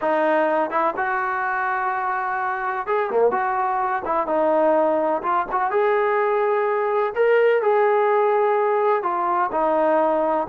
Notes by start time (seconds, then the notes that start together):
0.01 D#4
0.70 E4
0.96 F#4
2.86 G#4
3.10 A#3
3.31 F#4
4.05 E4
4.26 D#4
5.22 F4
5.51 F#4
5.70 G#4
7.15 A#4
7.62 G#4
9.03 F4
9.51 D#4